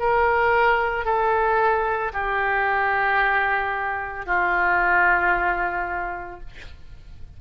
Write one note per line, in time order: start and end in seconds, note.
0.00 1.05 A#4
1.05 2.12 A4
2.14 4.26 G4
4.26 6.40 F4